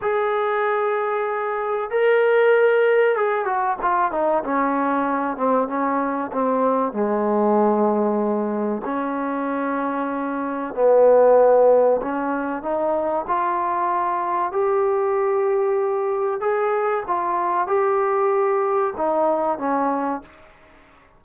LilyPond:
\new Staff \with { instrumentName = "trombone" } { \time 4/4 \tempo 4 = 95 gis'2. ais'4~ | ais'4 gis'8 fis'8 f'8 dis'8 cis'4~ | cis'8 c'8 cis'4 c'4 gis4~ | gis2 cis'2~ |
cis'4 b2 cis'4 | dis'4 f'2 g'4~ | g'2 gis'4 f'4 | g'2 dis'4 cis'4 | }